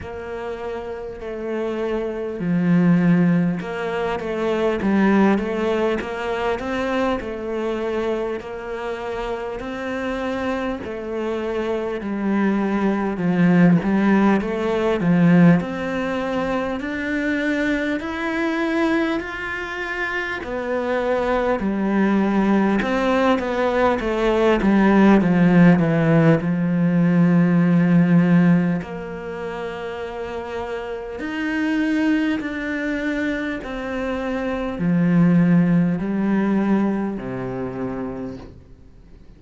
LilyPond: \new Staff \with { instrumentName = "cello" } { \time 4/4 \tempo 4 = 50 ais4 a4 f4 ais8 a8 | g8 a8 ais8 c'8 a4 ais4 | c'4 a4 g4 f8 g8 | a8 f8 c'4 d'4 e'4 |
f'4 b4 g4 c'8 b8 | a8 g8 f8 e8 f2 | ais2 dis'4 d'4 | c'4 f4 g4 c4 | }